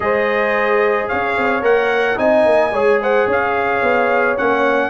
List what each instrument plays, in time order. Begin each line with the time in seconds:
0.00 tuba G#3, trombone G#4, horn C5, trumpet D#5
1.08 tuba C#4, horn C#5, trumpet F5
1.37 tuba C4
1.61 tuba A#3, trombone A#4, trumpet F#5
2.16 tuba C4, trombone D#4, horn D#5, trumpet G#5
2.45 tuba A#3
2.72 tuba G#3, trombone G#4, horn C#5
3.01 horn C5, trumpet F#5
3.27 tuba C#4, horn C#5, trumpet F5
3.82 tuba B3
4.37 tuba A#3, trombone C#4, trumpet F#5